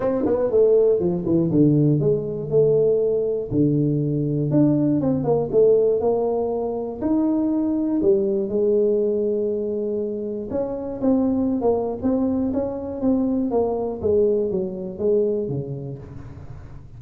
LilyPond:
\new Staff \with { instrumentName = "tuba" } { \time 4/4 \tempo 4 = 120 c'8 b8 a4 f8 e8 d4 | gis4 a2 d4~ | d4 d'4 c'8 ais8 a4 | ais2 dis'2 |
g4 gis2.~ | gis4 cis'4 c'4~ c'16 ais8. | c'4 cis'4 c'4 ais4 | gis4 fis4 gis4 cis4 | }